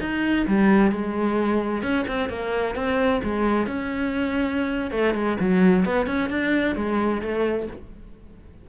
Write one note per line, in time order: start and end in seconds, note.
0.00 0.46 D#4
0.47 0.91 G3
0.91 1.82 G#3
1.82 2.05 C#4
2.07 2.29 C4
2.29 2.75 A#3
2.75 3.21 C4
3.23 3.66 G#3
3.66 4.91 C#4
4.91 5.14 A3
5.14 5.37 G#3
5.40 5.85 F#3
5.85 6.06 B3
6.06 6.29 C#4
6.30 6.75 D4
6.76 7.21 G#3
7.21 7.67 A3